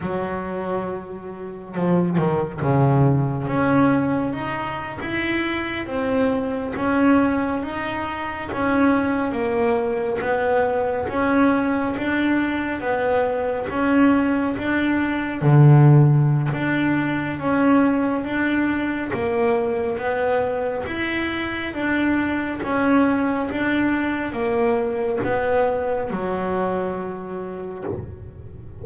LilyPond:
\new Staff \with { instrumentName = "double bass" } { \time 4/4 \tempo 4 = 69 fis2 f8 dis8 cis4 | cis'4 dis'8. e'4 c'4 cis'16~ | cis'8. dis'4 cis'4 ais4 b16~ | b8. cis'4 d'4 b4 cis'16~ |
cis'8. d'4 d4~ d16 d'4 | cis'4 d'4 ais4 b4 | e'4 d'4 cis'4 d'4 | ais4 b4 fis2 | }